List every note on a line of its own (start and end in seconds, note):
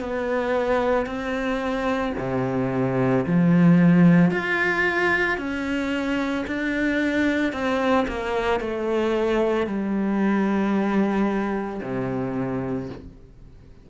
0.00 1.06 B3
1.06 2.13 C4
2.18 3.25 C3
3.26 4.31 F3
4.31 5.38 F4
5.38 6.45 C#4
6.47 7.52 D4
7.52 8.06 C4
8.07 8.60 A#3
8.60 9.66 A3
9.66 11.81 G3
11.82 12.89 C3